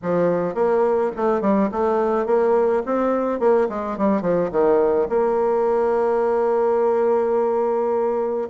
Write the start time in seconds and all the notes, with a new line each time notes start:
0.02 F3
0.54 A#3
1.16 A3
1.41 G3
1.71 A3
2.26 A#3
2.85 C4
3.39 A#3
3.69 G#3
3.97 G3
4.21 F3
4.51 D#3
5.09 A#3